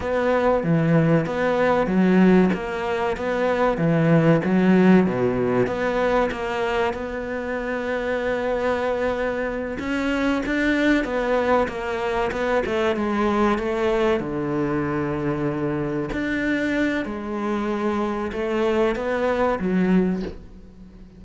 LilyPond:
\new Staff \with { instrumentName = "cello" } { \time 4/4 \tempo 4 = 95 b4 e4 b4 fis4 | ais4 b4 e4 fis4 | b,4 b4 ais4 b4~ | b2.~ b8 cis'8~ |
cis'8 d'4 b4 ais4 b8 | a8 gis4 a4 d4.~ | d4. d'4. gis4~ | gis4 a4 b4 fis4 | }